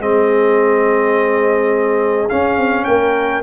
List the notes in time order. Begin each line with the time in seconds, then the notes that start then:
0.00 G#3 C4 G#4 D#5
2.29 C#4 F5
2.57 C4
2.85 A#3 A#4 G5